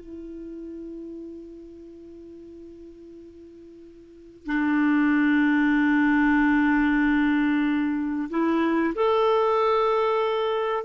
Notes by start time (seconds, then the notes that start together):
0.00 E4
4.47 D4
8.30 E4
8.95 A4